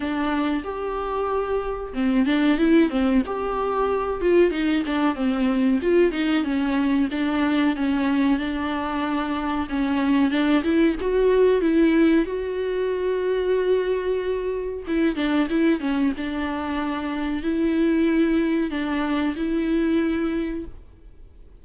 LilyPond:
\new Staff \with { instrumentName = "viola" } { \time 4/4 \tempo 4 = 93 d'4 g'2 c'8 d'8 | e'8 c'8 g'4. f'8 dis'8 d'8 | c'4 f'8 dis'8 cis'4 d'4 | cis'4 d'2 cis'4 |
d'8 e'8 fis'4 e'4 fis'4~ | fis'2. e'8 d'8 | e'8 cis'8 d'2 e'4~ | e'4 d'4 e'2 | }